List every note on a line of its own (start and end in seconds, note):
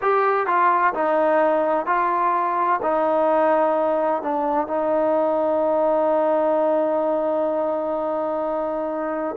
0.01 0.46 G4
0.46 0.93 F4
0.94 1.86 D#4
1.86 2.80 F4
2.82 4.22 D#4
4.22 4.67 D4
4.67 9.35 D#4